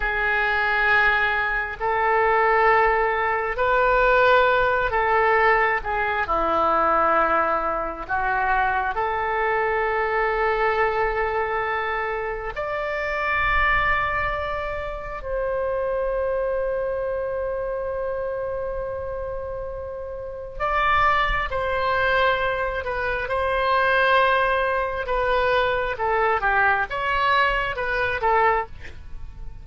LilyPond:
\new Staff \with { instrumentName = "oboe" } { \time 4/4 \tempo 4 = 67 gis'2 a'2 | b'4. a'4 gis'8 e'4~ | e'4 fis'4 a'2~ | a'2 d''2~ |
d''4 c''2.~ | c''2. d''4 | c''4. b'8 c''2 | b'4 a'8 g'8 cis''4 b'8 a'8 | }